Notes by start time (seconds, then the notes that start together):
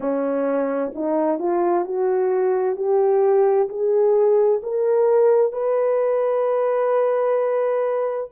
0.00 C#4
0.94 D#4
1.38 F4
1.85 F#4
2.76 G4
3.68 G#4
4.62 A#4
5.52 B4